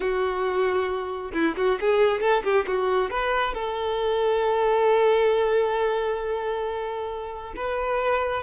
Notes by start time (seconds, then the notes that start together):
0.00 F#4
1.33 E4
1.56 F#4
1.80 G#4
2.20 A4
2.43 G4
2.67 F#4
3.10 B4
3.54 A4
7.56 B4